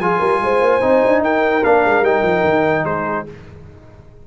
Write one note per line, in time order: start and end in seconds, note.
0.00 0.20 F3
0.00 0.81 F4
0.00 0.20 G#4
0.00 1.22 G#5
0.20 0.41 G3
0.20 0.40 A#4
0.42 0.61 G#3
0.42 1.24 C5
0.61 0.81 A#3
0.81 1.03 C4
0.81 1.62 D#4
1.05 1.21 D4
1.21 1.62 D#4
1.21 2.86 A#4
1.21 1.64 G5
1.64 1.85 A#3
1.64 2.05 D4
1.64 2.05 F5
1.85 2.02 G#3
2.02 2.22 G3
2.02 3.26 D#4
2.02 2.85 G5
2.23 2.43 F3
2.44 2.85 D#3
2.85 3.25 G#3
2.85 3.27 G#4
2.85 3.26 C5